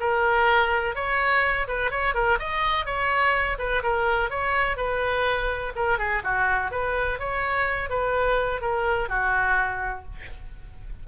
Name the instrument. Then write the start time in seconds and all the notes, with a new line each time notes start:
oboe
0.00 A#4
0.96 C#5
1.68 B4
1.91 C#5
2.14 A#4
2.39 D#5
2.86 C#5
3.59 B4
3.83 A#4
4.30 C#5
4.77 B4
5.76 A#4
5.99 G#4
6.24 F#4
6.71 B4
7.19 C#5
7.90 B4
8.61 A#4
9.09 F#4